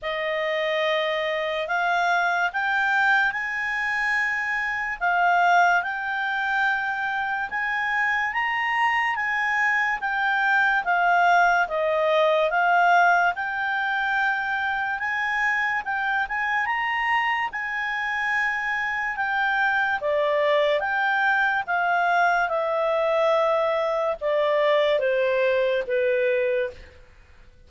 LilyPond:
\new Staff \with { instrumentName = "clarinet" } { \time 4/4 \tempo 4 = 72 dis''2 f''4 g''4 | gis''2 f''4 g''4~ | g''4 gis''4 ais''4 gis''4 | g''4 f''4 dis''4 f''4 |
g''2 gis''4 g''8 gis''8 | ais''4 gis''2 g''4 | d''4 g''4 f''4 e''4~ | e''4 d''4 c''4 b'4 | }